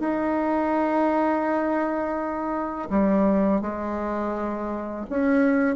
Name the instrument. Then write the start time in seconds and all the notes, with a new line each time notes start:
bassoon
0.00 D#4
2.90 G3
3.62 G#3
5.10 C#4